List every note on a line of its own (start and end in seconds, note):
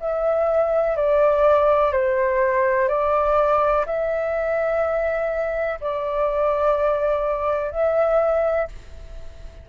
0.00 0.96 E5
0.96 1.92 D5
1.92 2.89 C5
2.89 3.85 D5
3.86 5.80 E5
5.80 7.71 D5
7.71 8.68 E5